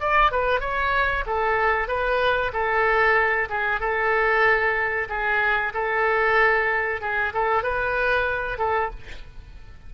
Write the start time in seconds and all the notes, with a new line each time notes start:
0.00 D5
0.31 B4
0.60 C#5
1.26 A4
1.87 B4
2.52 A4
3.49 G#4
3.80 A4
5.09 G#4
5.73 A4
7.01 G#4
7.33 A4
7.62 B4
8.58 A4